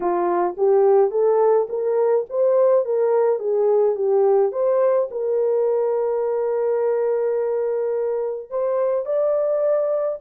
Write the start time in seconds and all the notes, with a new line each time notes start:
0.00 F4
0.57 G4
1.10 A4
1.69 A#4
2.29 C5
2.85 A#4
3.39 G#4
3.95 G4
4.52 C5
5.10 A#4
8.50 C5
9.05 D5